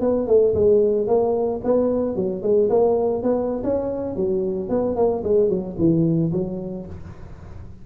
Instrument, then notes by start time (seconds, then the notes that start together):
tuba
0.00 B3
0.27 A3
0.54 G#3
1.07 A#3
1.63 B3
2.15 F#3
2.42 G#3
2.69 A#3
3.22 B3
3.63 C#4
4.15 F#3
4.69 B3
4.96 A#3
5.23 G#3
5.49 F#3
5.78 E3
6.32 F#3